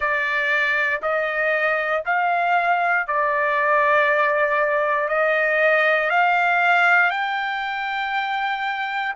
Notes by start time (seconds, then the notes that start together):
0.00 D5
1.02 D#5
2.05 F5
3.07 D5
5.08 D#5
6.10 F5
7.10 G5